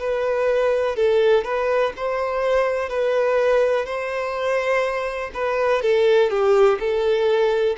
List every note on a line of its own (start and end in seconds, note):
0.00 0.96 B4
0.96 1.45 A4
1.45 1.93 B4
1.97 2.89 C5
2.89 3.86 B4
3.86 5.31 C5
5.34 5.82 B4
5.82 6.30 A4
6.30 6.79 G4
6.80 7.77 A4